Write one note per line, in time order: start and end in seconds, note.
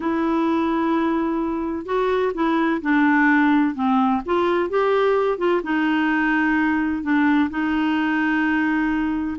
0.00 1.85 E4
1.85 2.32 F#4
2.34 2.81 E4
2.81 3.74 D4
3.74 4.21 C4
4.25 4.69 F4
4.69 5.38 G4
5.38 5.61 F4
5.63 7.02 D#4
7.02 7.49 D4
7.49 9.37 D#4